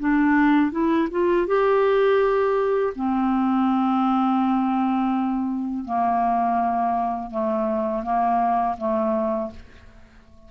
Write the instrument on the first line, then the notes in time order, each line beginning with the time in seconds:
clarinet
0.00 D4
0.72 E4
1.11 F4
1.47 G4
2.96 C4
5.85 A#3
7.31 A3
8.03 A#3
8.78 A3